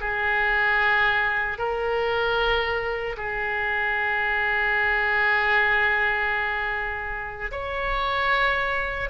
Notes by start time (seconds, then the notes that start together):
0.00 G#4
1.58 A#4
3.17 G#4
7.51 C#5